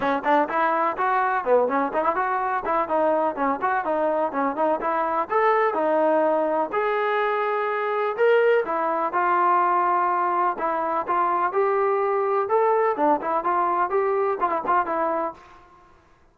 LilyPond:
\new Staff \with { instrumentName = "trombone" } { \time 4/4 \tempo 4 = 125 cis'8 d'8 e'4 fis'4 b8 cis'8 | dis'16 e'16 fis'4 e'8 dis'4 cis'8 fis'8 | dis'4 cis'8 dis'8 e'4 a'4 | dis'2 gis'2~ |
gis'4 ais'4 e'4 f'4~ | f'2 e'4 f'4 | g'2 a'4 d'8 e'8 | f'4 g'4 f'16 e'16 f'8 e'4 | }